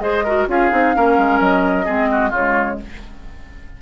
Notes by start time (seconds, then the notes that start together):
0.00 G#3 G#4 C5 D#5
0.24 F#4 A#4
0.48 C#4 F4 G#4 F5
0.71 C4 D#4
0.94 A#3 C#4 A#4
1.17 G#3
1.40 F#3 D#5
1.85 G#3 C4 G#4
2.11 F#4
2.29 C#3 G#3 F4 C#5